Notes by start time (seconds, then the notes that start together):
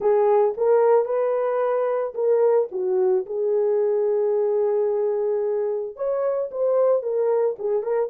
0.00 G#4
0.57 A#4
1.05 B4
2.14 A#4
2.71 F#4
3.26 G#4
5.96 C#5
6.51 C5
7.02 A#4
7.58 G#4
7.82 A#4